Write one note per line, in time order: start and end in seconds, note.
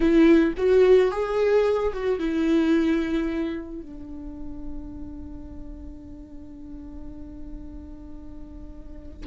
0.00 0.53 E4
0.57 1.11 F#4
1.11 1.92 G#4
1.93 2.19 F#4
2.19 3.82 E4
3.82 9.26 D4